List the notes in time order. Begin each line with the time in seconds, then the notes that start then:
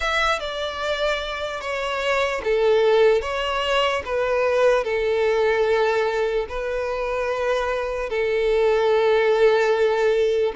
0.00 E5
0.39 D5
1.60 C#5
2.43 A4
3.21 C#5
4.05 B4
4.84 A4
6.48 B4
8.09 A4